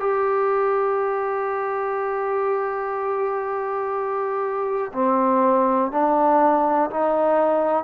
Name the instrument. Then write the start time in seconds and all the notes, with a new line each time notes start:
trombone
0.00 G4
4.93 C4
5.92 D4
6.90 D#4